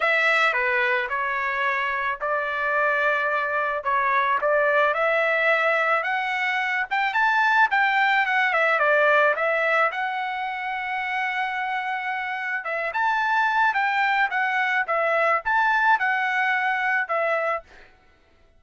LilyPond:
\new Staff \with { instrumentName = "trumpet" } { \time 4/4 \tempo 4 = 109 e''4 b'4 cis''2 | d''2. cis''4 | d''4 e''2 fis''4~ | fis''8 g''8 a''4 g''4 fis''8 e''8 |
d''4 e''4 fis''2~ | fis''2. e''8 a''8~ | a''4 g''4 fis''4 e''4 | a''4 fis''2 e''4 | }